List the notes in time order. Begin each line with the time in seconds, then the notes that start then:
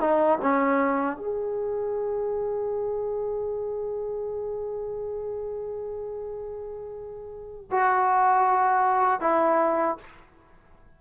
0.00 D#4
0.41 C#4
1.16 G#4
7.71 F#4
9.20 E4